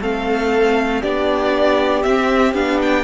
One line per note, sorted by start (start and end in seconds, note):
0.00 1.03 A3
0.00 1.03 C4
0.00 1.01 A4
0.00 1.02 F5
1.01 2.04 B3
1.01 2.04 D4
1.01 3.03 G4
1.01 2.03 D5
2.03 2.53 C4
2.03 2.54 C4
2.03 2.53 E5
2.53 3.03 B3
2.53 3.03 D4
2.53 2.79 F5
2.81 3.03 G5